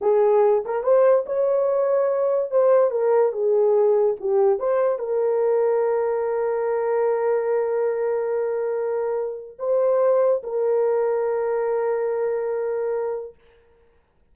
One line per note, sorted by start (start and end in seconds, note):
0.01 0.63 G#4
0.65 0.83 A#4
0.83 1.25 C5
1.26 2.51 C#5
2.51 2.90 C5
2.90 3.32 A#4
3.32 4.15 G#4
4.20 4.59 G4
4.59 4.98 C5
4.98 9.57 A#4
9.59 10.42 C5
10.43 13.34 A#4